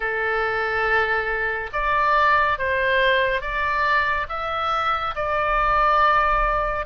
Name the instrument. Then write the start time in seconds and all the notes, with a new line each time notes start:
oboe
0.00 A4
1.73 D5
2.58 C5
3.41 D5
4.29 E5
5.15 D5